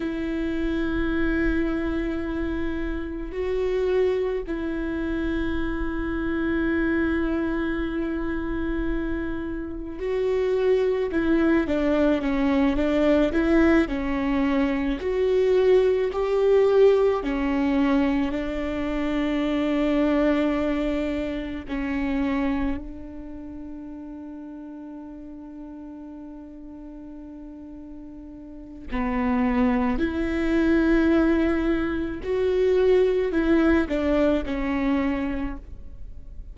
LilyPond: \new Staff \with { instrumentName = "viola" } { \time 4/4 \tempo 4 = 54 e'2. fis'4 | e'1~ | e'4 fis'4 e'8 d'8 cis'8 d'8 | e'8 cis'4 fis'4 g'4 cis'8~ |
cis'8 d'2. cis'8~ | cis'8 d'2.~ d'8~ | d'2 b4 e'4~ | e'4 fis'4 e'8 d'8 cis'4 | }